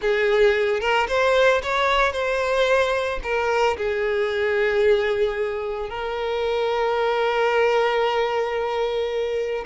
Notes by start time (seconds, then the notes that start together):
0.01 G#4
0.80 A#4
1.08 C5
1.62 C#5
2.12 C5
3.23 A#4
3.77 G#4
5.89 A#4